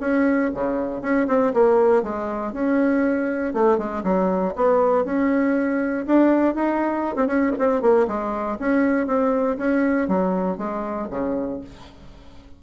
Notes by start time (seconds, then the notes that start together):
0.00 C#4
0.54 C#3
1.02 C#4
1.27 C4
1.53 A#3
2.03 G#3
2.53 C#4
3.53 A3
3.78 G#3
4.03 F#3
4.56 B3
5.05 C#4
6.06 D4
6.55 D#4
7.16 C4
7.27 C#4
7.59 C4
7.82 A#3
8.07 G#3
8.59 C#4
9.06 C4
9.58 C#4
10.08 F#3
10.57 G#3
11.10 C#3